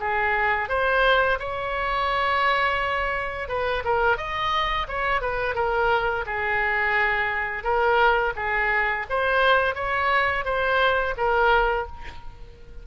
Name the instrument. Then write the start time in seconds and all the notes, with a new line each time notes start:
oboe
0.00 G#4
0.68 C5
1.39 C#5
3.48 B4
3.84 A#4
4.17 D#5
4.88 C#5
5.21 B4
5.55 A#4
6.26 G#4
7.63 A#4
8.36 G#4
9.10 C5
9.75 C#5
10.45 C5
11.17 A#4